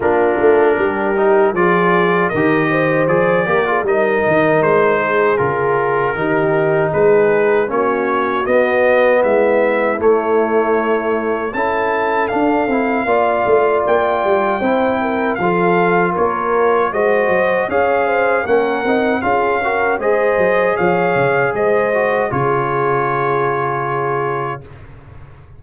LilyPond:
<<
  \new Staff \with { instrumentName = "trumpet" } { \time 4/4 \tempo 4 = 78 ais'2 d''4 dis''4 | d''4 dis''4 c''4 ais'4~ | ais'4 b'4 cis''4 dis''4 | e''4 cis''2 a''4 |
f''2 g''2 | f''4 cis''4 dis''4 f''4 | fis''4 f''4 dis''4 f''4 | dis''4 cis''2. | }
  \new Staff \with { instrumentName = "horn" } { \time 4/4 f'4 g'4 gis'4 ais'8 c''8~ | c''8 ais'16 gis'16 ais'4. gis'4. | g'4 gis'4 fis'2 | e'2. a'4~ |
a'4 d''2 c''8 ais'8 | a'4 ais'4 c''4 cis''8 c''8 | ais'4 gis'8 ais'8 c''4 cis''4 | c''4 gis'2. | }
  \new Staff \with { instrumentName = "trombone" } { \time 4/4 d'4. dis'8 f'4 g'4 | gis'8 g'16 f'16 dis'2 f'4 | dis'2 cis'4 b4~ | b4 a2 e'4 |
d'8 e'8 f'2 e'4 | f'2 fis'4 gis'4 | cis'8 dis'8 f'8 fis'8 gis'2~ | gis'8 fis'8 f'2. | }
  \new Staff \with { instrumentName = "tuba" } { \time 4/4 ais8 a8 g4 f4 dis4 | f8 ais8 g8 dis8 gis4 cis4 | dis4 gis4 ais4 b4 | gis4 a2 cis'4 |
d'8 c'8 ais8 a8 ais8 g8 c'4 | f4 ais4 gis8 fis8 cis'4 | ais8 c'8 cis'4 gis8 fis8 f8 cis8 | gis4 cis2. | }
>>